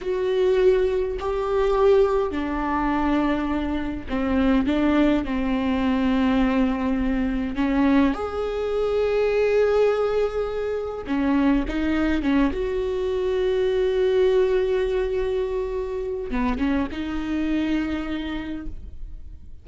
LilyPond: \new Staff \with { instrumentName = "viola" } { \time 4/4 \tempo 4 = 103 fis'2 g'2 | d'2. c'4 | d'4 c'2.~ | c'4 cis'4 gis'2~ |
gis'2. cis'4 | dis'4 cis'8 fis'2~ fis'8~ | fis'1 | b8 cis'8 dis'2. | }